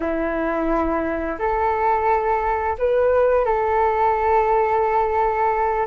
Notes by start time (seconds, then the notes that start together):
0.00 E4
1.38 A4
2.78 B4
3.45 A4